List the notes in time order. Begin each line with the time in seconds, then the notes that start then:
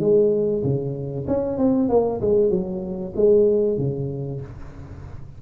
0.00 G#3
0.63 C#3
1.28 C#4
1.58 C4
1.89 A#3
2.21 G#3
2.50 F#3
3.16 G#3
3.78 C#3